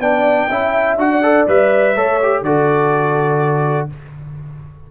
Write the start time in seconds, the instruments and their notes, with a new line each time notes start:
0.00 tuba B3, trombone D4, horn D5, trumpet G5
0.49 tuba C#4, trombone E4, horn E5
0.98 tuba D4, trombone F#4, trumpet F#5
1.12 horn D5
1.23 trombone A4
1.48 tuba G3, trombone B4, trumpet E5
1.96 tuba A3, trombone A4, horn C#5
2.23 trombone G4
2.42 tuba D3, trombone F#4, horn A4, trumpet D5